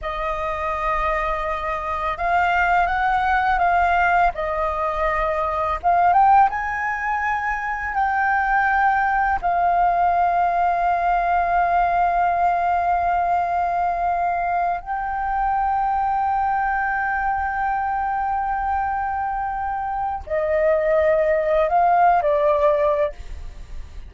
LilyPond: \new Staff \with { instrumentName = "flute" } { \time 4/4 \tempo 4 = 83 dis''2. f''4 | fis''4 f''4 dis''2 | f''8 g''8 gis''2 g''4~ | g''4 f''2.~ |
f''1~ | f''8 g''2.~ g''8~ | g''1 | dis''2 f''8. d''4~ d''16 | }